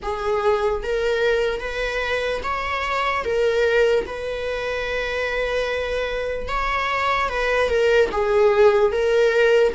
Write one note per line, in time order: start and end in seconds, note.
0.02 0.83 G#4
0.83 1.60 A#4
1.60 2.41 B4
2.43 3.24 C#5
3.24 4.05 A#4
4.06 6.48 B4
6.48 7.29 C#5
7.29 7.69 B4
7.69 8.09 A#4
8.11 8.92 G#4
8.92 9.73 A#4